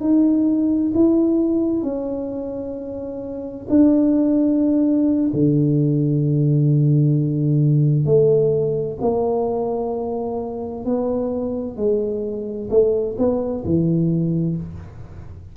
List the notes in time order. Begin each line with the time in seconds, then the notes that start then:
0.00 D#4
0.94 E4
1.83 C#4
3.69 D4
5.33 D3
8.05 A3
9.01 A#3
10.85 B3
11.77 G#3
12.70 A3
13.18 B3
13.64 E3